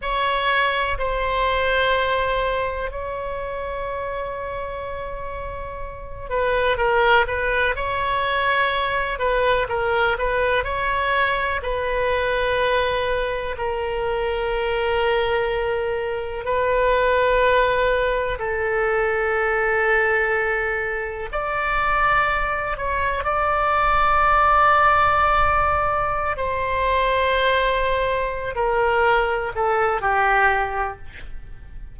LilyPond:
\new Staff \with { instrumentName = "oboe" } { \time 4/4 \tempo 4 = 62 cis''4 c''2 cis''4~ | cis''2~ cis''8 b'8 ais'8 b'8 | cis''4. b'8 ais'8 b'8 cis''4 | b'2 ais'2~ |
ais'4 b'2 a'4~ | a'2 d''4. cis''8 | d''2.~ d''16 c''8.~ | c''4. ais'4 a'8 g'4 | }